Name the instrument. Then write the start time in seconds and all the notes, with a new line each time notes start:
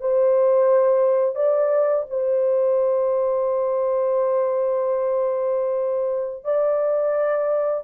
horn
0.00 C5
1.35 D5
2.10 C5
6.44 D5